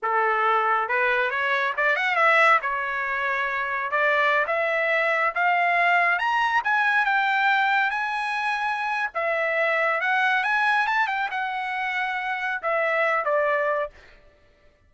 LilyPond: \new Staff \with { instrumentName = "trumpet" } { \time 4/4 \tempo 4 = 138 a'2 b'4 cis''4 | d''8 fis''8 e''4 cis''2~ | cis''4 d''4~ d''16 e''4.~ e''16~ | e''16 f''2 ais''4 gis''8.~ |
gis''16 g''2 gis''4.~ gis''16~ | gis''4 e''2 fis''4 | gis''4 a''8 g''8 fis''2~ | fis''4 e''4. d''4. | }